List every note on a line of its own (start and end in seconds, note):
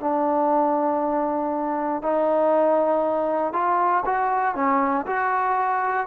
0.00 2.02 D4
2.02 3.53 D#4
3.53 4.04 F4
4.05 4.55 F#4
4.55 5.06 C#4
5.06 6.07 F#4